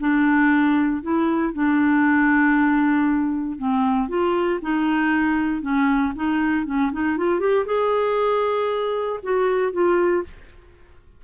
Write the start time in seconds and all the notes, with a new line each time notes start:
0.00 D4
1.02 E4
1.54 D4
3.58 C4
4.09 F4
4.62 D#4
5.62 C#4
6.16 D#4
6.66 C#4
6.92 D#4
7.18 F4
7.40 G4
7.66 G#4
9.23 F#4
9.72 F4